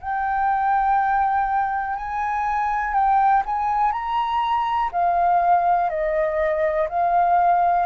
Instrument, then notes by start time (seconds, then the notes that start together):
flute
0.00 G5
1.96 G#5
2.94 G5
3.45 G#5
3.92 A#5
4.92 F5
5.89 D#5
6.89 F5